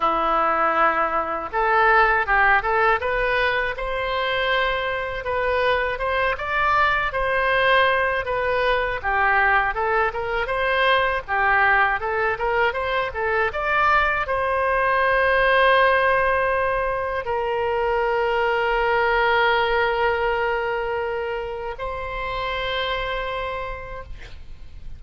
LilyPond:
\new Staff \with { instrumentName = "oboe" } { \time 4/4 \tempo 4 = 80 e'2 a'4 g'8 a'8 | b'4 c''2 b'4 | c''8 d''4 c''4. b'4 | g'4 a'8 ais'8 c''4 g'4 |
a'8 ais'8 c''8 a'8 d''4 c''4~ | c''2. ais'4~ | ais'1~ | ais'4 c''2. | }